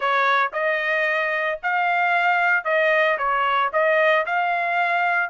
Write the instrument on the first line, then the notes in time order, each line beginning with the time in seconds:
trumpet
0.00 C#5
0.52 D#5
1.62 F5
2.64 D#5
3.18 C#5
3.72 D#5
4.26 F5